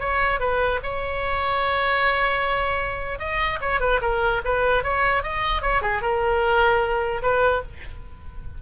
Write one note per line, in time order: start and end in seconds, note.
0.00 0.40 C#5
0.40 0.80 B4
0.83 3.19 C#5
3.19 3.59 D#5
3.61 3.80 C#5
3.80 4.00 B4
4.01 4.41 A#4
4.44 4.84 B4
4.84 5.23 C#5
5.23 5.62 D#5
5.62 5.82 C#5
5.82 6.02 G#4
6.02 7.22 A#4
7.22 7.62 B4